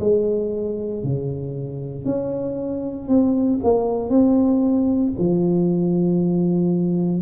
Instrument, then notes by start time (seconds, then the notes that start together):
tuba
0.00 G#3
1.04 C#3
2.05 C#4
3.08 C4
3.64 A#3
4.10 C4
5.19 F3